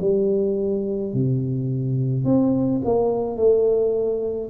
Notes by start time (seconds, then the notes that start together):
0.00 G3
1.13 C3
2.24 C4
2.84 A#3
3.36 A3